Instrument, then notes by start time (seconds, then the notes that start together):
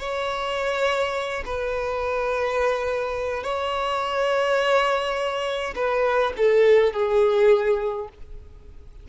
violin
0.00 C#5
1.46 B4
3.44 C#5
5.76 B4
6.38 A4
6.93 G#4